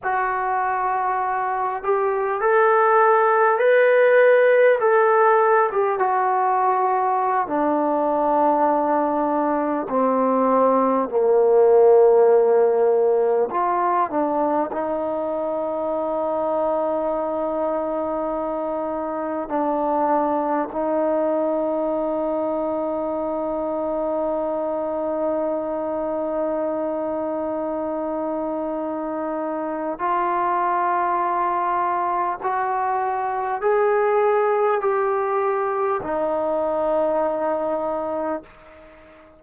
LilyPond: \new Staff \with { instrumentName = "trombone" } { \time 4/4 \tempo 4 = 50 fis'4. g'8 a'4 b'4 | a'8. g'16 fis'4~ fis'16 d'4.~ d'16~ | d'16 c'4 ais2 f'8 d'16~ | d'16 dis'2.~ dis'8.~ |
dis'16 d'4 dis'2~ dis'8.~ | dis'1~ | dis'4 f'2 fis'4 | gis'4 g'4 dis'2 | }